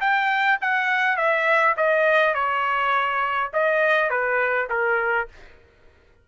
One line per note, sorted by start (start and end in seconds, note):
0.00 0.58 G5
0.61 1.17 F#5
1.17 1.75 E5
1.77 2.34 D#5
2.34 3.50 C#5
3.53 4.10 D#5
4.10 4.68 B4
4.69 5.27 A#4